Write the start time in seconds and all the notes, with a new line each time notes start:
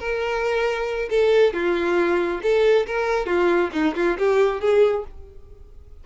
0.00 A#4
1.10 A4
1.54 F4
2.43 A4
2.87 A#4
3.27 F4
3.73 D#4
3.96 F4
4.19 G4
4.61 G#4